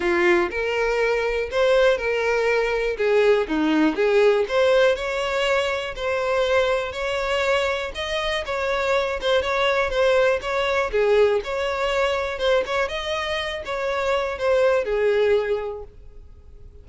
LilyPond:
\new Staff \with { instrumentName = "violin" } { \time 4/4 \tempo 4 = 121 f'4 ais'2 c''4 | ais'2 gis'4 dis'4 | gis'4 c''4 cis''2 | c''2 cis''2 |
dis''4 cis''4. c''8 cis''4 | c''4 cis''4 gis'4 cis''4~ | cis''4 c''8 cis''8 dis''4. cis''8~ | cis''4 c''4 gis'2 | }